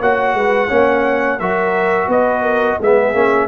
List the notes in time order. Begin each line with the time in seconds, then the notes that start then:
0.00 A#3 F#4 C#5 F#5
0.34 G#3 B4
0.67 A#3 C#4 C#5
1.39 F#3 F#4 A#4 E5
2.07 B3 B4 D#5
2.42 A#4
2.80 G#3 B3 G#4 E5
3.13 A#3 C#4